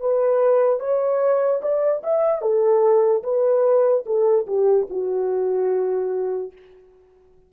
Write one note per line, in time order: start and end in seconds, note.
0.00 0.80 B4
0.80 1.61 C#5
1.62 2.03 D5
2.03 2.42 E5
2.42 3.23 A4
3.23 4.04 B4
4.06 4.46 A4
4.47 4.87 G4
4.90 6.52 F#4